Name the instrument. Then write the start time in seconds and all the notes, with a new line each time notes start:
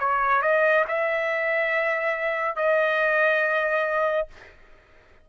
trumpet
0.00 C#5
0.42 D#5
0.89 E5
2.56 D#5